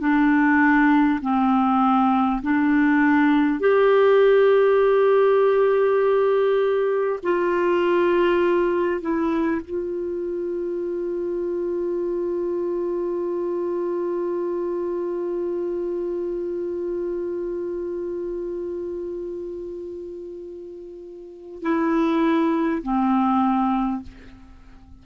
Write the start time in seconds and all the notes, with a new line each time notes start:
0.00 D4
1.22 C4
2.43 D4
3.60 G4
7.23 F4
9.02 E4
9.65 F4
21.62 E4
22.83 C4